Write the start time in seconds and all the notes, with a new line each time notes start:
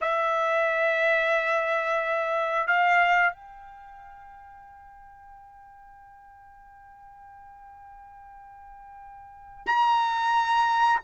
0.01 E5
2.67 F5
3.33 G5
9.66 A#5